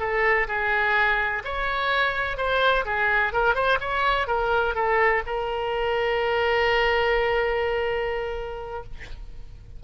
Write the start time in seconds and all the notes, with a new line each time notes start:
0.00 A4
0.48 G#4
1.45 C#5
2.38 C5
2.85 G#4
3.33 A#4
3.55 C5
3.81 C#5
4.27 A#4
4.75 A4
5.27 A#4